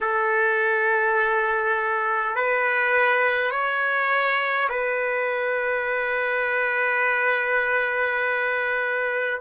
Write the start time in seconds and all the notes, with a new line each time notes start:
0.01 A4
2.35 B4
3.50 C#5
4.69 B4